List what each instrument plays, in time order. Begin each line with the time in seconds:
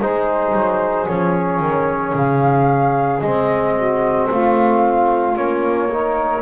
0.00 double bass G#3, trombone D#4, saxophone G#4, flute C5
0.53 double bass F#3
1.07 double bass F3, trombone C#4, flute C#5
1.60 double bass D#3
2.15 double bass C#3, flute F5
3.20 double bass G#3, trombone C4, flute D#5
3.75 saxophone F#4
4.30 double bass A3, saxophone F4, flute F5
5.36 double bass A#3, trombone C#4, flute C#5
5.91 trombone D#4, saxophone A#4